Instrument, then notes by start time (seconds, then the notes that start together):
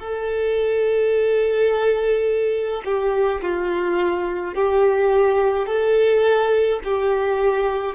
violin
0.00 A4
2.85 G4
3.42 F4
4.55 G4
5.67 A4
6.84 G4